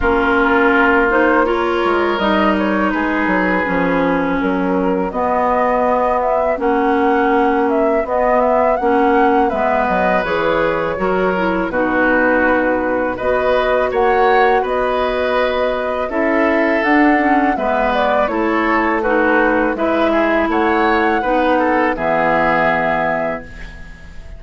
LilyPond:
<<
  \new Staff \with { instrumentName = "flute" } { \time 4/4 \tempo 4 = 82 ais'4. c''8 cis''4 dis''8 cis''8 | b'2 ais'4 dis''4~ | dis''8 e''8 fis''4. e''8 dis''8 e''8 | fis''4 e''8 dis''8 cis''2 |
b'2 dis''4 fis''4 | dis''2 e''4 fis''4 | e''8 d''8 cis''4 b'4 e''4 | fis''2 e''2 | }
  \new Staff \with { instrumentName = "oboe" } { \time 4/4 f'2 ais'2 | gis'2 fis'2~ | fis'1~ | fis'4 b'2 ais'4 |
fis'2 b'4 cis''4 | b'2 a'2 | b'4 a'4 fis'4 b'8 gis'8 | cis''4 b'8 a'8 gis'2 | }
  \new Staff \with { instrumentName = "clarinet" } { \time 4/4 cis'4. dis'8 f'4 dis'4~ | dis'4 cis'2 b4~ | b4 cis'2 b4 | cis'4 b4 gis'4 fis'8 e'8 |
dis'2 fis'2~ | fis'2 e'4 d'8 cis'8 | b4 e'4 dis'4 e'4~ | e'4 dis'4 b2 | }
  \new Staff \with { instrumentName = "bassoon" } { \time 4/4 ais2~ ais8 gis8 g4 | gis8 fis8 f4 fis4 b4~ | b4 ais2 b4 | ais4 gis8 fis8 e4 fis4 |
b,2 b4 ais4 | b2 cis'4 d'4 | gis4 a2 gis4 | a4 b4 e2 | }
>>